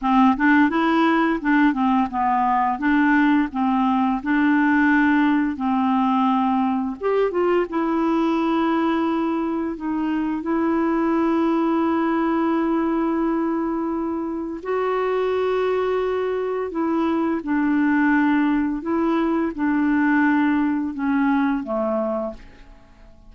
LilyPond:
\new Staff \with { instrumentName = "clarinet" } { \time 4/4 \tempo 4 = 86 c'8 d'8 e'4 d'8 c'8 b4 | d'4 c'4 d'2 | c'2 g'8 f'8 e'4~ | e'2 dis'4 e'4~ |
e'1~ | e'4 fis'2. | e'4 d'2 e'4 | d'2 cis'4 a4 | }